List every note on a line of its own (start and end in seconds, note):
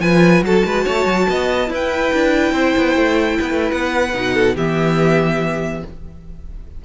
0.00 0.42 F3
0.00 0.45 F4
0.00 0.45 B4
0.00 0.43 G#5
0.42 0.63 F#3
0.42 1.67 F#4
0.42 0.66 A4
0.42 1.73 A5
0.65 0.86 G#3
0.65 0.85 B4
0.85 1.06 A3
0.85 1.27 C#5
1.06 1.27 F#3
1.30 1.70 B3
1.30 1.71 D#5
1.67 4.10 E4
1.67 2.13 E4
1.67 2.53 B4
1.75 3.72 G5
2.14 2.52 D4
2.52 2.73 C4
2.52 3.37 C5
2.77 2.96 B3
2.96 3.39 A3
3.39 3.51 B3
3.39 4.34 B4
3.51 3.72 A3
3.72 4.14 B3
3.72 4.56 F#5
4.14 4.56 B2
4.14 4.56 D#4
4.34 4.55 A4
4.56 5.83 E3
4.56 5.85 B3
4.56 5.82 G4
4.56 5.84 E5